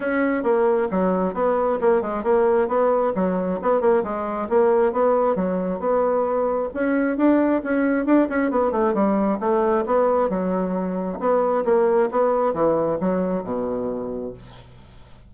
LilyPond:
\new Staff \with { instrumentName = "bassoon" } { \time 4/4 \tempo 4 = 134 cis'4 ais4 fis4 b4 | ais8 gis8 ais4 b4 fis4 | b8 ais8 gis4 ais4 b4 | fis4 b2 cis'4 |
d'4 cis'4 d'8 cis'8 b8 a8 | g4 a4 b4 fis4~ | fis4 b4 ais4 b4 | e4 fis4 b,2 | }